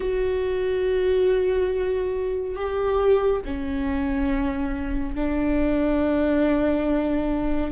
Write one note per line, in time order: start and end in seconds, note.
0.00 2.55 F#4
2.55 3.41 G4
3.45 5.15 C#4
5.15 7.72 D4